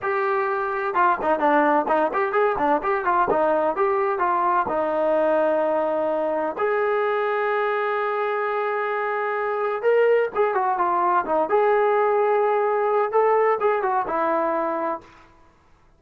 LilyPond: \new Staff \with { instrumentName = "trombone" } { \time 4/4 \tempo 4 = 128 g'2 f'8 dis'8 d'4 | dis'8 g'8 gis'8 d'8 g'8 f'8 dis'4 | g'4 f'4 dis'2~ | dis'2 gis'2~ |
gis'1~ | gis'4 ais'4 gis'8 fis'8 f'4 | dis'8 gis'2.~ gis'8 | a'4 gis'8 fis'8 e'2 | }